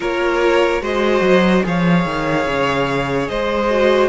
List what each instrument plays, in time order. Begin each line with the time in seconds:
0.00 cello A#3, viola F4, violin A#4 C#5
0.81 cello G#3, viola F#4, violin C5 D#5
1.21 cello F#3
1.63 cello F3, viola G#4, violin C#5 F5
2.05 cello D#3
2.47 cello C#3
3.28 cello G#3, violin C5 D#5
3.70 viola F#4